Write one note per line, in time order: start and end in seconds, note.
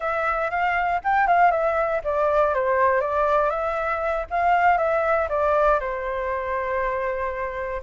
0.00 0.50 E5
0.50 1.00 F5
1.04 1.27 G5
1.27 1.51 F5
1.51 2.01 E5
2.04 2.54 D5
2.54 3.00 C5
3.00 3.50 D5
3.50 4.25 E5
4.30 4.77 F5
4.77 5.28 E5
5.29 5.79 D5
5.80 7.81 C5